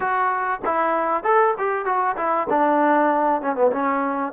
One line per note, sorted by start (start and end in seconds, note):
0.00 0.60 F#4
0.64 1.23 E4
1.23 1.54 A4
1.57 1.85 G4
1.85 2.16 F#4
2.16 2.47 E4
2.49 3.41 D4
3.41 3.55 C#4
3.55 3.71 B3
3.72 4.32 C#4